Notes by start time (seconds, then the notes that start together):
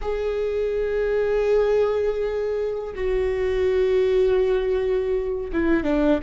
0.01 G#4
2.95 F#4
5.52 E4
5.83 D4